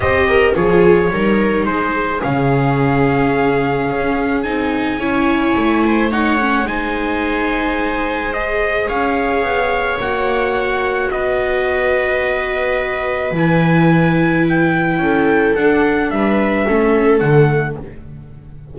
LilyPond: <<
  \new Staff \with { instrumentName = "trumpet" } { \time 4/4 \tempo 4 = 108 dis''4 cis''2 c''4 | f''1 | gis''2. fis''4 | gis''2. dis''4 |
f''2 fis''2 | dis''1 | gis''2 g''2 | fis''4 e''2 fis''4 | }
  \new Staff \with { instrumentName = "viola" } { \time 4/4 c''8 ais'8 gis'4 ais'4 gis'4~ | gis'1~ | gis'4 cis''4. c''8 cis''4 | c''1 |
cis''1 | b'1~ | b'2. a'4~ | a'4 b'4 a'2 | }
  \new Staff \with { instrumentName = "viola" } { \time 4/4 g'4 f'4 dis'2 | cis'1 | dis'4 e'2 dis'8 cis'8 | dis'2. gis'4~ |
gis'2 fis'2~ | fis'1 | e'1 | d'2 cis'4 a4 | }
  \new Staff \with { instrumentName = "double bass" } { \time 4/4 c'4 f4 g4 gis4 | cis2. cis'4 | c'4 cis'4 a2 | gis1 |
cis'4 b4 ais2 | b1 | e2. cis'4 | d'4 g4 a4 d4 | }
>>